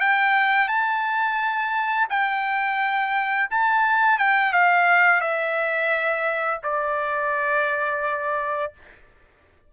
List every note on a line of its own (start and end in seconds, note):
0.00 0.68 G5
0.68 2.07 A5
2.10 3.49 G5
3.50 4.18 A5
4.18 4.53 G5
4.53 5.21 F5
5.21 6.60 E5
6.63 8.73 D5